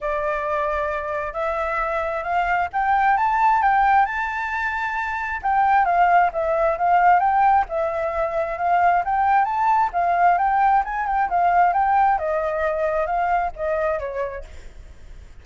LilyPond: \new Staff \with { instrumentName = "flute" } { \time 4/4 \tempo 4 = 133 d''2. e''4~ | e''4 f''4 g''4 a''4 | g''4 a''2. | g''4 f''4 e''4 f''4 |
g''4 e''2 f''4 | g''4 a''4 f''4 g''4 | gis''8 g''8 f''4 g''4 dis''4~ | dis''4 f''4 dis''4 cis''4 | }